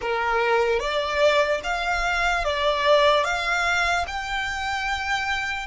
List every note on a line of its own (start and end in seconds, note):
0.01 0.79 A#4
0.79 1.60 D5
1.63 2.44 F5
2.44 3.24 D5
3.24 4.05 F5
4.07 5.66 G5